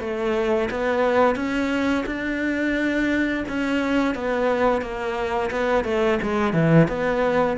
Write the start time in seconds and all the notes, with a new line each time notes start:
0.00 A3
0.70 B3
1.35 C#4
2.06 D4
3.48 C#4
4.15 B3
4.82 A#3
5.51 B3
5.84 A3
6.22 G#3
6.53 E3
6.88 B3